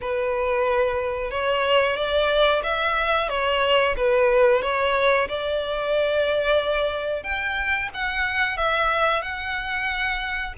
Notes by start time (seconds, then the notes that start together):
0.01 B4
1.30 C#5
1.96 D5
2.63 E5
3.29 C#5
3.96 B4
4.62 C#5
5.28 D5
7.23 G5
7.94 F#5
8.57 E5
9.21 F#5